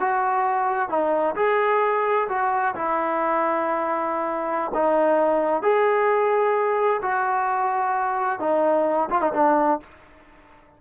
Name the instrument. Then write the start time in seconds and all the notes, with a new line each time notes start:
trombone
0.00 F#4
0.89 D#4
1.35 G#4
2.28 F#4
2.75 E4
4.74 D#4
5.62 G#4
7.02 F#4
8.40 D#4
9.10 F4
9.21 D#4
9.34 D4